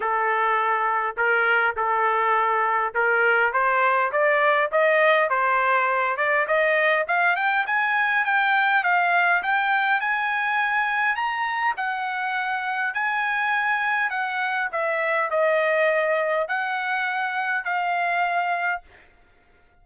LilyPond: \new Staff \with { instrumentName = "trumpet" } { \time 4/4 \tempo 4 = 102 a'2 ais'4 a'4~ | a'4 ais'4 c''4 d''4 | dis''4 c''4. d''8 dis''4 | f''8 g''8 gis''4 g''4 f''4 |
g''4 gis''2 ais''4 | fis''2 gis''2 | fis''4 e''4 dis''2 | fis''2 f''2 | }